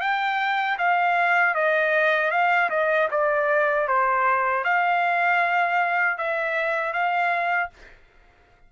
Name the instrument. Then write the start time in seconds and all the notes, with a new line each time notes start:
trumpet
0.00 G5
0.78 F5
1.55 D#5
2.31 F5
2.70 D#5
3.11 D5
3.87 C5
4.64 F5
6.17 E5
6.93 F5